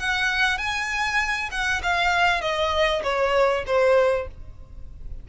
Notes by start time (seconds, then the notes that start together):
0.00 F#5
0.58 G#5
1.52 F#5
1.83 F5
2.42 D#5
3.04 C#5
3.67 C5